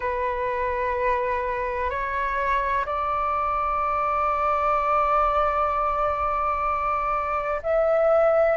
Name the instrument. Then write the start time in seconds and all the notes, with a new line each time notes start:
flute
0.00 B4
1.90 C#5
2.85 D5
7.62 E5